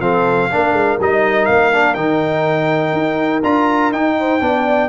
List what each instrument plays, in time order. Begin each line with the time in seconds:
0.00 tuba F3, trombone C4, horn A4, trumpet F5
0.50 tuba A#3, trombone D4, horn A#4
0.72 tuba G#3
1.00 tuba G3, trombone D#4, trumpet D#5
1.46 tuba A#3, trumpet F5
1.73 trombone D4
1.94 tuba D#3, trombone D#4, trumpet G5
2.93 tuba D#4
3.43 tuba D4, trombone F4, trumpet A#5
3.92 tuba D#4, trombone D#4, trumpet G5
4.19 horn C5
4.40 tuba B3, trombone D4, horn D5